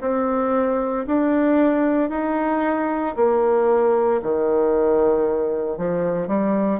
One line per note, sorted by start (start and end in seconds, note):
0.00 1.05 C4
1.07 2.10 D4
2.10 3.15 D#4
3.16 4.21 A#3
4.22 5.78 D#3
5.78 6.27 F3
6.27 6.80 G3